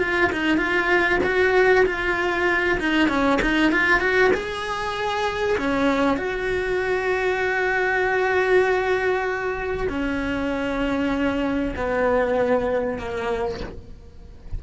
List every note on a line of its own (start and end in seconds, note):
0.00 0.31 F4
0.33 0.58 D#4
0.58 1.19 F4
1.24 1.86 F#4
1.86 2.79 F4
2.80 3.09 D#4
3.09 3.40 C#4
3.42 3.72 D#4
3.72 4.00 F4
4.00 4.31 F#4
4.34 5.58 G#4
5.58 6.17 C#4
6.17 9.88 F#4
9.89 11.75 C#4
11.76 12.99 B3
12.99 13.61 A#3